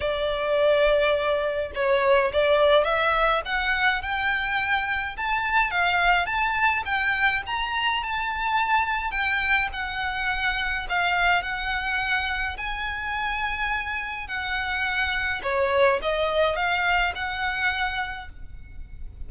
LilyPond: \new Staff \with { instrumentName = "violin" } { \time 4/4 \tempo 4 = 105 d''2. cis''4 | d''4 e''4 fis''4 g''4~ | g''4 a''4 f''4 a''4 | g''4 ais''4 a''2 |
g''4 fis''2 f''4 | fis''2 gis''2~ | gis''4 fis''2 cis''4 | dis''4 f''4 fis''2 | }